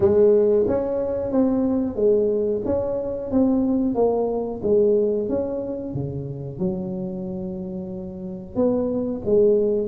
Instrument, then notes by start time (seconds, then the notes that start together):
tuba
0.00 G#3
0.67 C#4
1.31 C4
1.95 G#3
2.65 C#4
3.31 C4
3.94 A#3
4.62 G#3
5.28 C#4
5.93 C#3
6.58 F#3
8.55 B3
9.25 G#3